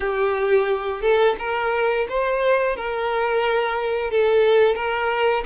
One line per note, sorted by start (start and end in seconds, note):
0.00 1.01 G4
1.01 1.35 A4
1.39 2.07 A#4
2.09 2.76 C5
2.76 4.10 A#4
4.10 4.75 A4
4.75 5.43 A#4